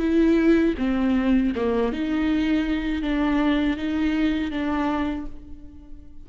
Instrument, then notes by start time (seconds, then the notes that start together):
viola
0.00 E4
0.78 C4
1.55 A#3
1.93 D#4
3.03 D4
3.77 D#4
4.51 D4